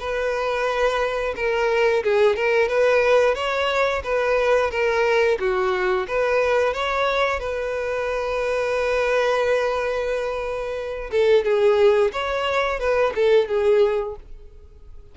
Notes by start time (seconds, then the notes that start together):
0.00 B4
1.36 A#4
2.04 G#4
2.36 A#4
2.69 B4
3.35 C#5
4.04 B4
4.71 A#4
5.40 F#4
6.08 B4
6.74 C#5
7.40 B4
11.12 A4
11.45 G#4
12.13 C#5
12.80 B4
13.16 A4
13.48 G#4